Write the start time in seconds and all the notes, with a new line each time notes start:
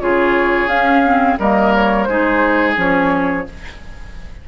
0.00 C#3 F4 G#4 C#5
0.67 C#4 F5
1.04 C4
1.39 G3 A#3 A#4 D#5
1.74 C#5
2.04 G#3 D#4 G#4 C5
2.76 F3 C#4 C#5